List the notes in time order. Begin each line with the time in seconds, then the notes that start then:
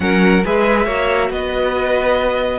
0.00 F#3 C#4 A#4 F#5
0.44 G#3 G#4 B4 E5
0.85 A#3 F#4 C#5
1.29 B3 B4 D#5